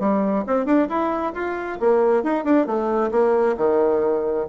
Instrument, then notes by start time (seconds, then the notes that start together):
bassoon
0.00 G3
0.47 C4
0.66 D4
0.89 E4
1.35 F4
1.80 A#3
2.24 D#4
2.45 D4
2.67 A3
3.12 A#3
3.58 D#3